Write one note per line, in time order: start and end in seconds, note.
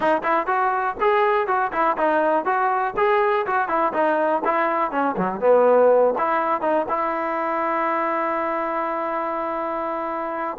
0.00 0.22 D#4
0.23 0.46 E4
0.46 0.96 F#4
1.00 1.47 G#4
1.47 1.71 F#4
1.72 1.96 E4
1.97 2.45 D#4
2.45 2.94 F#4
2.96 3.46 G#4
3.46 3.68 F#4
3.68 3.93 E4
3.93 4.42 D#4
4.44 4.91 E4
4.91 5.15 C#4
5.17 5.40 F#3
5.40 6.14 B3
6.18 6.61 E4
6.61 6.86 D#4
6.89 10.57 E4